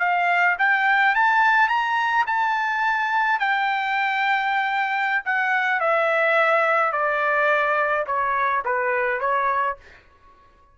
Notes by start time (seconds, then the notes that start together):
0.00 F5
0.59 G5
1.16 A5
1.69 A#5
2.27 A5
3.40 G5
5.25 F#5
5.80 E5
6.93 D5
8.07 C#5
8.65 B4
9.21 C#5